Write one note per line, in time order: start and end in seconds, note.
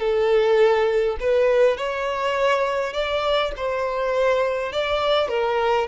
0.00 1.18 A4
1.20 1.78 B4
1.78 2.94 C#5
2.94 3.52 D5
3.57 4.73 C5
4.73 5.29 D5
5.29 5.88 A#4